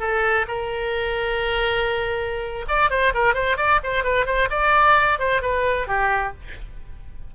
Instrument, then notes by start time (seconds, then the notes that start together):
oboe
0.00 A4
0.48 A#4
2.68 D5
2.90 C5
3.14 A#4
3.34 C5
3.57 D5
3.84 C5
4.04 B4
4.26 C5
4.51 D5
5.19 C5
5.42 B4
5.88 G4